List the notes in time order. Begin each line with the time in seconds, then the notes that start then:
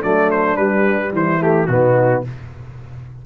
0.00 F#3 A3 D4 D5
0.31 C5
0.57 G3 B4
1.13 E3 E4 C5
1.41 A3 G4
1.67 B2 B3 D#4 F#4